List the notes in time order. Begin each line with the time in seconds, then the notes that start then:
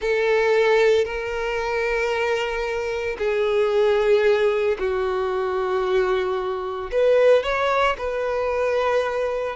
0.01 A4
1.04 A#4
3.18 G#4
4.78 F#4
6.91 B4
7.43 C#5
7.98 B4